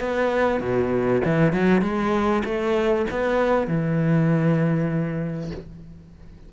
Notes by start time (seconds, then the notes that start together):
0.00 B3
0.60 B2
1.24 E3
1.53 F#3
1.81 G#3
2.45 A3
3.10 B3
3.67 E3